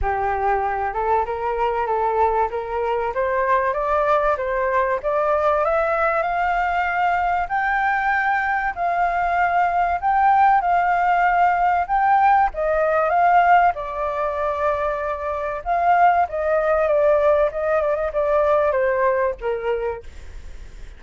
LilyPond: \new Staff \with { instrumentName = "flute" } { \time 4/4 \tempo 4 = 96 g'4. a'8 ais'4 a'4 | ais'4 c''4 d''4 c''4 | d''4 e''4 f''2 | g''2 f''2 |
g''4 f''2 g''4 | dis''4 f''4 d''2~ | d''4 f''4 dis''4 d''4 | dis''8 d''16 dis''16 d''4 c''4 ais'4 | }